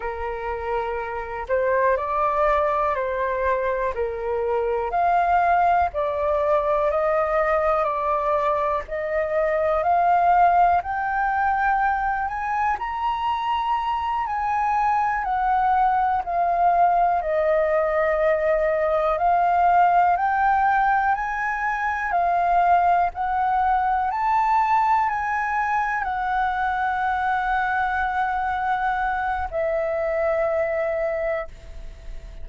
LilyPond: \new Staff \with { instrumentName = "flute" } { \time 4/4 \tempo 4 = 61 ais'4. c''8 d''4 c''4 | ais'4 f''4 d''4 dis''4 | d''4 dis''4 f''4 g''4~ | g''8 gis''8 ais''4. gis''4 fis''8~ |
fis''8 f''4 dis''2 f''8~ | f''8 g''4 gis''4 f''4 fis''8~ | fis''8 a''4 gis''4 fis''4.~ | fis''2 e''2 | }